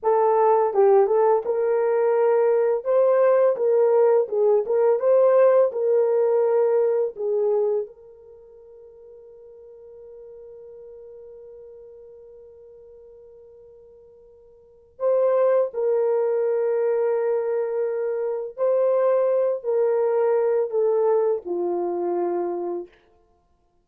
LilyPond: \new Staff \with { instrumentName = "horn" } { \time 4/4 \tempo 4 = 84 a'4 g'8 a'8 ais'2 | c''4 ais'4 gis'8 ais'8 c''4 | ais'2 gis'4 ais'4~ | ais'1~ |
ais'1~ | ais'4 c''4 ais'2~ | ais'2 c''4. ais'8~ | ais'4 a'4 f'2 | }